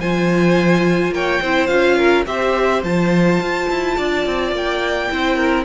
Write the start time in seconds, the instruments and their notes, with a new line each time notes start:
0.00 cello F3, viola F4, violin C5 G#5
1.11 cello A#3, violin C#5 G5
1.42 cello C4, viola E4, violin C5
1.67 cello C#4, viola F4, violin F5
1.97 violin A#4
2.27 cello C4, viola G4, violin C5 E5
2.83 cello F3, viola F4, violin A5
3.41 cello F4
3.70 cello E4
3.97 cello D4, violin D5
4.26 cello C4
4.52 cello A#3, violin G5
5.10 cello C4, viola E4, violin C5
5.36 violin A#4